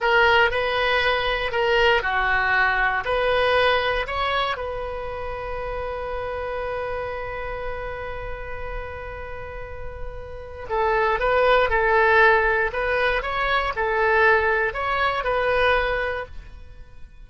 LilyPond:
\new Staff \with { instrumentName = "oboe" } { \time 4/4 \tempo 4 = 118 ais'4 b'2 ais'4 | fis'2 b'2 | cis''4 b'2.~ | b'1~ |
b'1~ | b'4 a'4 b'4 a'4~ | a'4 b'4 cis''4 a'4~ | a'4 cis''4 b'2 | }